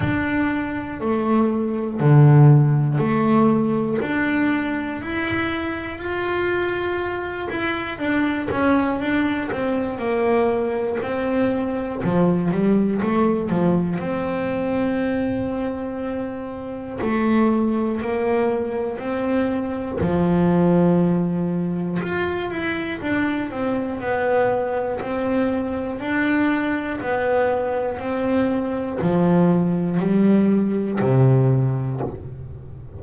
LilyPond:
\new Staff \with { instrumentName = "double bass" } { \time 4/4 \tempo 4 = 60 d'4 a4 d4 a4 | d'4 e'4 f'4. e'8 | d'8 cis'8 d'8 c'8 ais4 c'4 | f8 g8 a8 f8 c'2~ |
c'4 a4 ais4 c'4 | f2 f'8 e'8 d'8 c'8 | b4 c'4 d'4 b4 | c'4 f4 g4 c4 | }